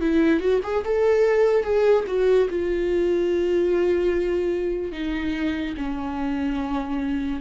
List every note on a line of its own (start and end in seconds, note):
0.00 0.40 E4
0.40 0.60 F#4
0.63 0.83 G#4
0.84 1.63 A4
1.63 2.04 G#4
2.07 2.48 F#4
2.49 4.92 F4
4.92 5.74 D#4
5.77 7.40 C#4